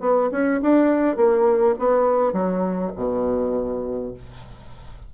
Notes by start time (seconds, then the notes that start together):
0.00 B3
0.32 C#4
0.62 D4
1.16 A#3
1.79 B3
2.33 F#3
2.96 B2